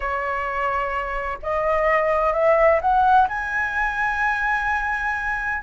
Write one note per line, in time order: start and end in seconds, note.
0.00 1.38 C#5
1.42 2.33 D#5
2.33 2.80 E5
2.81 3.28 F#5
3.28 5.62 G#5